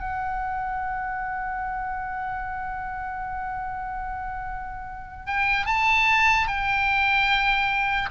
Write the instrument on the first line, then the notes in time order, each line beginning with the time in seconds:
oboe
0.00 F#5
5.27 G5
5.66 A5
6.48 G5